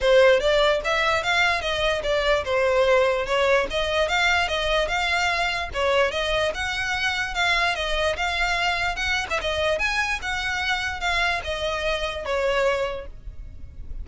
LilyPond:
\new Staff \with { instrumentName = "violin" } { \time 4/4 \tempo 4 = 147 c''4 d''4 e''4 f''4 | dis''4 d''4 c''2 | cis''4 dis''4 f''4 dis''4 | f''2 cis''4 dis''4 |
fis''2 f''4 dis''4 | f''2 fis''8. e''16 dis''4 | gis''4 fis''2 f''4 | dis''2 cis''2 | }